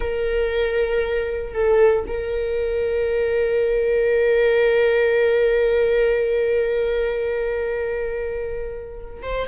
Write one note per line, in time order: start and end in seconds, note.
0.00 1.53 A#4
1.53 2.04 A4
2.07 9.22 A#4
9.22 9.47 C5